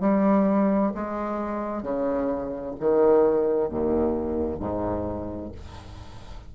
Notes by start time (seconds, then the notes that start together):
0.00 G3
0.94 G#3
1.83 C#3
2.79 D#3
3.68 D#2
4.59 G#2